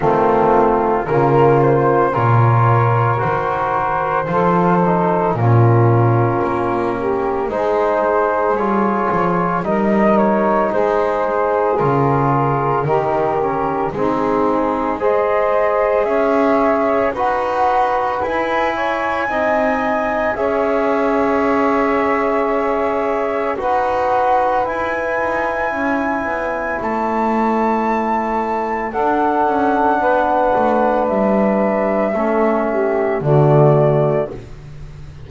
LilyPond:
<<
  \new Staff \with { instrumentName = "flute" } { \time 4/4 \tempo 4 = 56 f'4 ais'8 c''8 cis''4 c''4~ | c''4 ais'2 c''4 | cis''4 dis''8 cis''8 c''4 ais'4~ | ais'4 gis'4 dis''4 e''4 |
fis''4 gis''2 e''4~ | e''2 fis''4 gis''4~ | gis''4 a''2 fis''4~ | fis''4 e''2 d''4 | }
  \new Staff \with { instrumentName = "saxophone" } { \time 4/4 c'4 f'4 ais'2 | a'4 f'4. g'8 gis'4~ | gis'4 ais'4 gis'2 | g'4 dis'4 c''4 cis''4 |
b'4. cis''8 dis''4 cis''4~ | cis''2 b'2 | cis''2. a'4 | b'2 a'8 g'8 fis'4 | }
  \new Staff \with { instrumentName = "trombone" } { \time 4/4 a4 ais4 f'4 fis'4 | f'8 dis'8 cis'2 dis'4 | f'4 dis'2 f'4 | dis'8 cis'8 c'4 gis'2 |
fis'4 e'4 dis'4 gis'4~ | gis'2 fis'4 e'4~ | e'2. d'4~ | d'2 cis'4 a4 | }
  \new Staff \with { instrumentName = "double bass" } { \time 4/4 dis4 cis4 ais,4 dis4 | f4 ais,4 ais4 gis4 | g8 f8 g4 gis4 cis4 | dis4 gis2 cis'4 |
dis'4 e'4 c'4 cis'4~ | cis'2 dis'4 e'8 dis'8 | cis'8 b8 a2 d'8 cis'8 | b8 a8 g4 a4 d4 | }
>>